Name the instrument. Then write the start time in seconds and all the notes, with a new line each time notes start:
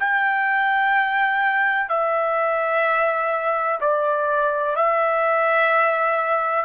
trumpet
0.00 G5
1.89 E5
3.81 D5
4.76 E5